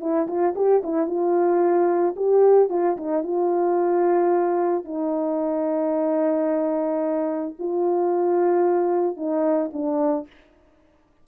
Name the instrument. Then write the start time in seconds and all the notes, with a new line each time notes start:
horn
0.00 E4
0.27 F4
0.55 G4
0.83 E4
1.07 F4
2.16 G4
2.70 F4
2.97 D#4
3.23 F4
4.84 D#4
7.59 F4
9.16 D#4
9.73 D4